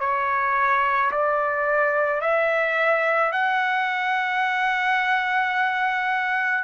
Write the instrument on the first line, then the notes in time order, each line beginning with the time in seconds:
trumpet
0.00 C#5
1.12 D5
2.21 E5
3.32 F#5